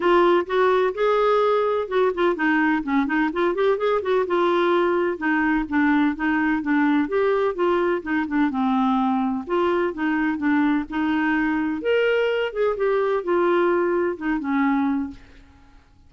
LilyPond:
\new Staff \with { instrumentName = "clarinet" } { \time 4/4 \tempo 4 = 127 f'4 fis'4 gis'2 | fis'8 f'8 dis'4 cis'8 dis'8 f'8 g'8 | gis'8 fis'8 f'2 dis'4 | d'4 dis'4 d'4 g'4 |
f'4 dis'8 d'8 c'2 | f'4 dis'4 d'4 dis'4~ | dis'4 ais'4. gis'8 g'4 | f'2 dis'8 cis'4. | }